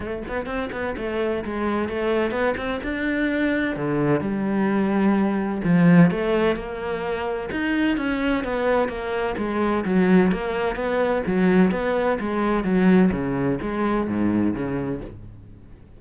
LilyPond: \new Staff \with { instrumentName = "cello" } { \time 4/4 \tempo 4 = 128 a8 b8 c'8 b8 a4 gis4 | a4 b8 c'8 d'2 | d4 g2. | f4 a4 ais2 |
dis'4 cis'4 b4 ais4 | gis4 fis4 ais4 b4 | fis4 b4 gis4 fis4 | cis4 gis4 gis,4 cis4 | }